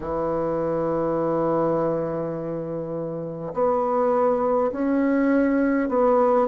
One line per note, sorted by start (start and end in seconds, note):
0.00 3.52 E3
3.53 4.71 B3
4.72 5.88 C#4
5.88 6.47 B3